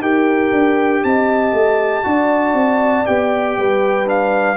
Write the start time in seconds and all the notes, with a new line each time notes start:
0.00 D#4 G4 A#4 G5
0.52 D4
1.04 C4 D#5 A5
1.53 A3
2.03 D4 F#4 D5
2.53 C4
3.06 B3 G4 G5
3.57 G3 B4
4.06 D4 F5